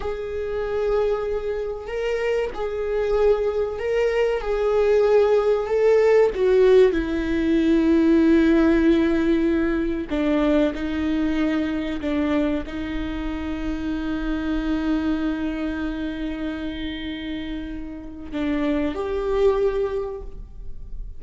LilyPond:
\new Staff \with { instrumentName = "viola" } { \time 4/4 \tempo 4 = 95 gis'2. ais'4 | gis'2 ais'4 gis'4~ | gis'4 a'4 fis'4 e'4~ | e'1 |
d'4 dis'2 d'4 | dis'1~ | dis'1~ | dis'4 d'4 g'2 | }